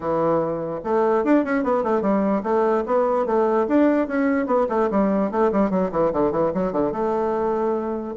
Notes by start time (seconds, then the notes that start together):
0.00 E3
0.83 A3
1.24 D4
1.44 C#4
1.63 B3
1.83 A3
2.01 G3
2.43 A3
2.86 B3
3.26 A3
3.68 D4
4.07 C#4
4.46 B3
4.69 A3
4.90 G3
5.31 A3
5.51 G3
5.70 F#3
5.91 E3
6.12 D3
6.31 E3
6.54 F#3
6.72 D3
6.91 A3